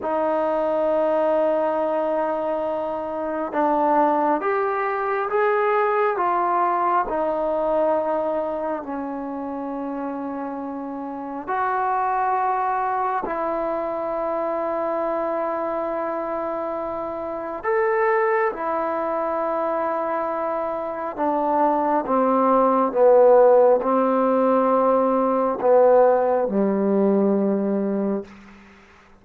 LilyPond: \new Staff \with { instrumentName = "trombone" } { \time 4/4 \tempo 4 = 68 dis'1 | d'4 g'4 gis'4 f'4 | dis'2 cis'2~ | cis'4 fis'2 e'4~ |
e'1 | a'4 e'2. | d'4 c'4 b4 c'4~ | c'4 b4 g2 | }